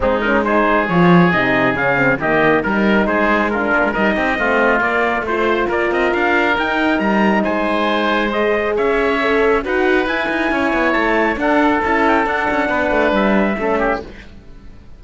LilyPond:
<<
  \new Staff \with { instrumentName = "trumpet" } { \time 4/4 \tempo 4 = 137 gis'8 ais'8 c''4 cis''4 dis''4 | f''4 dis''4 ais'4 c''4 | ais'4 dis''2 d''4 | c''4 d''8 dis''8 f''4 g''4 |
ais''4 gis''2 dis''4 | e''2 fis''4 gis''4~ | gis''4 a''4 fis''4 a''8 g''8 | fis''2 e''2 | }
  \new Staff \with { instrumentName = "oboe" } { \time 4/4 dis'4 gis'2.~ | gis'4 g'4 ais'4 gis'4 | f'4 ais'8 g'8 f'2 | c''4 ais'2.~ |
ais'4 c''2. | cis''2 b'2 | cis''2 a'2~ | a'4 b'2 a'8 g'8 | }
  \new Staff \with { instrumentName = "horn" } { \time 4/4 c'8 cis'8 dis'4 f'4 dis'4 | cis'8 c'8 ais4 dis'2 | d'4 dis'4 c'4 ais4 | f'2. dis'4~ |
dis'2. gis'4~ | gis'4 a'4 fis'4 e'4~ | e'2 d'4 e'4 | d'2. cis'4 | }
  \new Staff \with { instrumentName = "cello" } { \time 4/4 gis2 f4 c4 | cis4 dis4 g4 gis4~ | gis8 ais16 gis16 g8 c'8 a4 ais4 | a4 ais8 c'8 d'4 dis'4 |
g4 gis2. | cis'2 dis'4 e'8 dis'8 | cis'8 b8 a4 d'4 cis'4 | d'8 cis'8 b8 a8 g4 a4 | }
>>